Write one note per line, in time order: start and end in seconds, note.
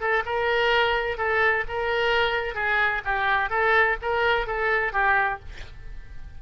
0.00 0.23 A4
0.25 1.17 A#4
1.17 1.64 A4
1.68 2.55 A#4
2.55 3.01 G#4
3.05 3.50 G4
3.50 3.97 A4
4.01 4.46 A#4
4.46 4.92 A4
4.92 5.39 G4